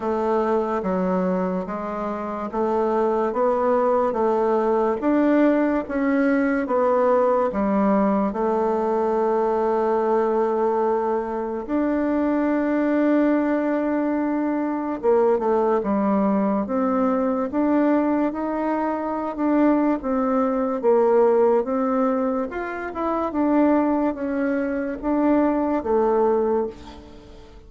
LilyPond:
\new Staff \with { instrumentName = "bassoon" } { \time 4/4 \tempo 4 = 72 a4 fis4 gis4 a4 | b4 a4 d'4 cis'4 | b4 g4 a2~ | a2 d'2~ |
d'2 ais8 a8 g4 | c'4 d'4 dis'4~ dis'16 d'8. | c'4 ais4 c'4 f'8 e'8 | d'4 cis'4 d'4 a4 | }